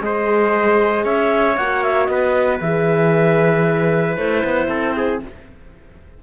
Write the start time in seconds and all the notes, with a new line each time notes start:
0.00 G#3 G#4 C5 D#5
1.04 C#4 C#5 E5
1.57 A#3 F#4 F#5
1.83 E5
2.05 B3 D#5
2.12 B4
2.61 E3 G#4 E5
4.17 A3 E4 C5
4.44 B3
4.68 C4 A4
4.97 G#4